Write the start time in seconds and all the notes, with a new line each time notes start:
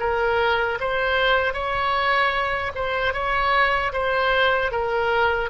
0.00 A#4
0.80 C5
1.54 C#5
2.75 C5
3.14 C#5
3.93 C5
4.72 A#4